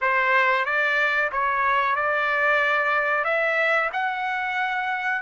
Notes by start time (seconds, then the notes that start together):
0.01 C5
0.65 D5
1.32 C#5
1.95 D5
3.24 E5
3.92 F#5